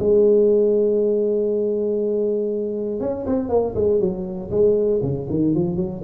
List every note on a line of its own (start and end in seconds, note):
0.00 3.00 G#3
3.00 3.26 C#4
3.26 3.50 C4
3.50 3.75 A#3
3.75 4.00 G#3
4.00 4.50 F#3
4.51 5.01 G#3
5.02 5.28 C#3
5.30 5.55 D#3
5.55 5.77 F3
5.77 6.02 F#3